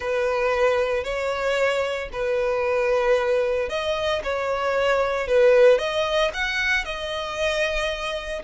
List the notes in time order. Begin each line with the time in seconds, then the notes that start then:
0.00 B4
1.04 C#5
2.12 B4
3.69 D#5
4.23 C#5
5.27 B4
5.78 D#5
6.33 F#5
6.84 D#5